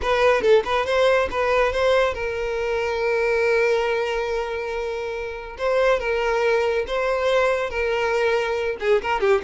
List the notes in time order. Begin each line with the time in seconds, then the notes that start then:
0.02 B4
0.41 A4
0.64 B4
0.86 C5
1.30 B4
1.72 C5
2.14 A#4
5.58 C5
5.99 A#4
6.87 C5
7.69 A#4
8.80 G#4
9.02 A#4
9.20 G4